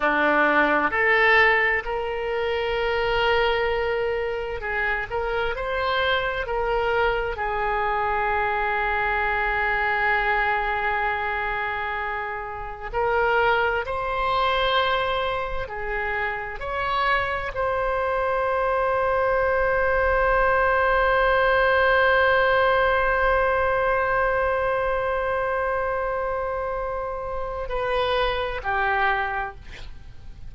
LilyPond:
\new Staff \with { instrumentName = "oboe" } { \time 4/4 \tempo 4 = 65 d'4 a'4 ais'2~ | ais'4 gis'8 ais'8 c''4 ais'4 | gis'1~ | gis'2 ais'4 c''4~ |
c''4 gis'4 cis''4 c''4~ | c''1~ | c''1~ | c''2 b'4 g'4 | }